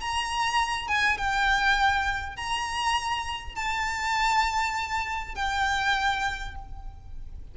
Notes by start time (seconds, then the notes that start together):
0.00 A#5
0.88 G#5
1.17 G5
2.36 A#5
3.55 A5
5.35 G5